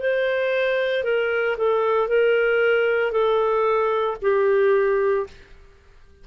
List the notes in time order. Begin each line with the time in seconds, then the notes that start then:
0.00 C5
1.04 A#4
1.58 A4
2.09 A#4
3.12 A4
4.22 G4